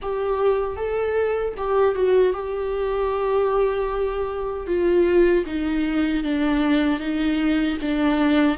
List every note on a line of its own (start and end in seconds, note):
0.02 0.76 G4
0.76 1.54 A4
1.57 1.95 G4
1.95 2.33 F#4
2.33 4.66 G4
4.66 5.44 F4
5.46 6.23 D#4
6.23 7.00 D4
7.00 7.77 D#4
7.81 8.57 D4